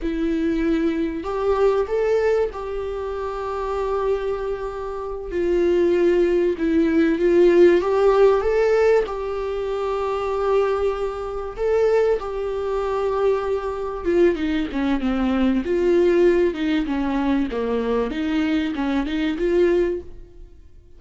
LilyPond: \new Staff \with { instrumentName = "viola" } { \time 4/4 \tempo 4 = 96 e'2 g'4 a'4 | g'1~ | g'8 f'2 e'4 f'8~ | f'8 g'4 a'4 g'4.~ |
g'2~ g'8 a'4 g'8~ | g'2~ g'8 f'8 dis'8 cis'8 | c'4 f'4. dis'8 cis'4 | ais4 dis'4 cis'8 dis'8 f'4 | }